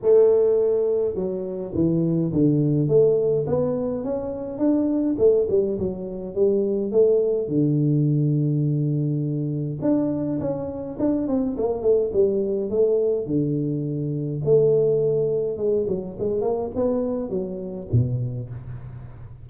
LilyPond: \new Staff \with { instrumentName = "tuba" } { \time 4/4 \tempo 4 = 104 a2 fis4 e4 | d4 a4 b4 cis'4 | d'4 a8 g8 fis4 g4 | a4 d2.~ |
d4 d'4 cis'4 d'8 c'8 | ais8 a8 g4 a4 d4~ | d4 a2 gis8 fis8 | gis8 ais8 b4 fis4 b,4 | }